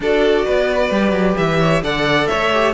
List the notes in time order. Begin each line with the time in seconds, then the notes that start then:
0.00 D4 F#4 A4 D5
0.45 B3 B4
0.90 G3 G4
1.11 F#3
1.36 E3 E5
1.59 C#5
1.82 D3 A4 D5 F#5
2.27 A3 C#5 E5
2.53 G4